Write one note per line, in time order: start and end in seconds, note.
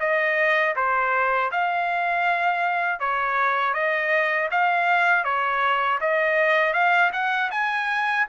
0.00 0.75 D#5
0.76 1.51 C5
1.51 3.00 F5
3.00 3.74 C#5
3.74 4.49 D#5
4.51 5.24 F5
5.24 5.99 C#5
6.00 6.73 D#5
6.73 7.11 F5
7.13 7.50 F#5
7.51 8.26 G#5